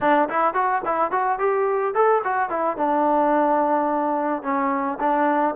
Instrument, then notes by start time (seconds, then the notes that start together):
trombone
0.01 D4
0.29 E4
0.54 F#4
0.85 E4
1.11 F#4
1.38 G4
1.94 A4
2.24 F#4
2.49 E4
2.76 D4
4.42 C#4
4.99 D4